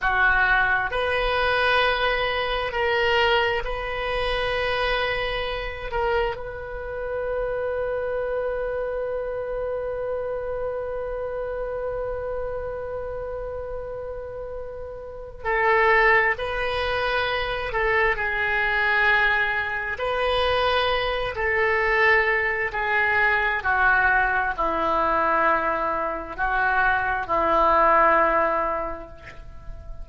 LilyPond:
\new Staff \with { instrumentName = "oboe" } { \time 4/4 \tempo 4 = 66 fis'4 b'2 ais'4 | b'2~ b'8 ais'8 b'4~ | b'1~ | b'1~ |
b'4 a'4 b'4. a'8 | gis'2 b'4. a'8~ | a'4 gis'4 fis'4 e'4~ | e'4 fis'4 e'2 | }